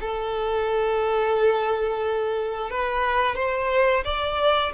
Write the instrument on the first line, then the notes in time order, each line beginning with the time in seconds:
violin
0.00 A4
2.70 B4
3.36 C5
4.04 D5